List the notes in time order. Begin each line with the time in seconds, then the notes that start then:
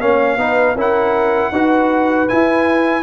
0.00 A#3 C#4 C#5 F5
0.37 B3 D#4 B4
0.75 C#4 E4 A#4 F#5
1.51 D#4 F#4 B4
2.28 E4 G#5